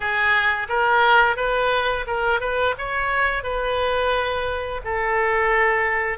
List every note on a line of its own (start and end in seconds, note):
0.00 0.67 G#4
0.68 1.36 A#4
1.36 2.05 B4
2.06 2.40 A#4
2.40 2.75 B4
2.78 3.43 C#5
3.43 4.81 B4
4.84 6.18 A4